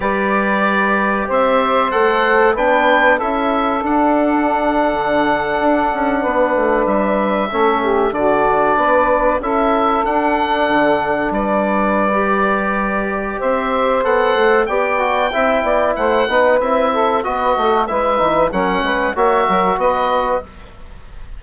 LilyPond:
<<
  \new Staff \with { instrumentName = "oboe" } { \time 4/4 \tempo 4 = 94 d''2 e''4 fis''4 | g''4 e''4 fis''2~ | fis''2~ fis''8. e''4~ e''16~ | e''8. d''2 e''4 fis''16~ |
fis''4.~ fis''16 d''2~ d''16~ | d''4 e''4 fis''4 g''4~ | g''4 fis''4 e''4 dis''4 | e''4 fis''4 e''4 dis''4 | }
  \new Staff \with { instrumentName = "saxophone" } { \time 4/4 b'2 c''2 | b'4 a'2.~ | a'4.~ a'16 b'2 a'16~ | a'16 g'8 fis'4 b'4 a'4~ a'16~ |
a'4.~ a'16 b'2~ b'16~ | b'4 c''2 d''4 | e''8 d''8 c''8 b'4 a'8 b'8 a'8 | b'4 ais'8 b'8 cis''8 ais'8 b'4 | }
  \new Staff \with { instrumentName = "trombone" } { \time 4/4 g'2. a'4 | d'4 e'4 d'2~ | d'2.~ d'8. cis'16~ | cis'8. d'2 e'4 d'16~ |
d'2. g'4~ | g'2 a'4 g'8 fis'8 | e'4. dis'8 e'4 fis'4 | e'8 dis'8 cis'4 fis'2 | }
  \new Staff \with { instrumentName = "bassoon" } { \time 4/4 g2 c'4 a4 | b4 cis'4 d'4.~ d'16 d16~ | d8. d'8 cis'8 b8 a8 g4 a16~ | a8. d4 b4 cis'4 d'16~ |
d'8. d4 g2~ g16~ | g4 c'4 b8 a8 b4 | c'8 b8 a8 b8 c'4 b8 a8 | gis8 e8 fis8 gis8 ais8 fis8 b4 | }
>>